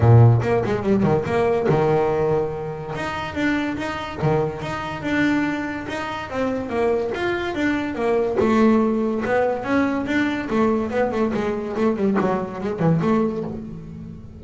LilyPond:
\new Staff \with { instrumentName = "double bass" } { \time 4/4 \tempo 4 = 143 ais,4 ais8 gis8 g8 dis8 ais4 | dis2. dis'4 | d'4 dis'4 dis4 dis'4 | d'2 dis'4 c'4 |
ais4 f'4 d'4 ais4 | a2 b4 cis'4 | d'4 a4 b8 a8 gis4 | a8 g8 fis4 gis8 e8 a4 | }